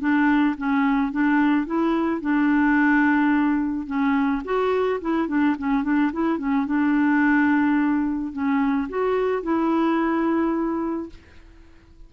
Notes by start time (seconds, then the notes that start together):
0.00 D4
0.58 C#4
1.12 D4
1.67 E4
2.21 D4
3.87 C#4
4.45 F#4
5.01 E4
5.28 D4
5.59 C#4
5.84 D4
6.13 E4
6.39 C#4
6.66 D4
8.33 C#4
8.89 F#4
9.43 E4